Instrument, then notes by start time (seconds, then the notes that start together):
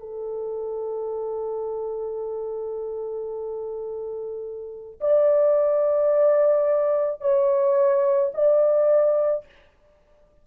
horn
0.00 A4
5.01 D5
7.21 C#5
8.34 D5